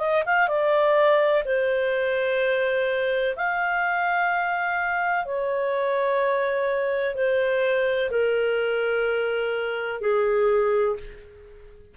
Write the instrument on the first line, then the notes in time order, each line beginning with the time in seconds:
clarinet
0.00 D#5
0.26 F5
0.48 D5
1.45 C5
3.36 F5
5.26 C#5
7.15 C5
8.11 A#4
10.01 G#4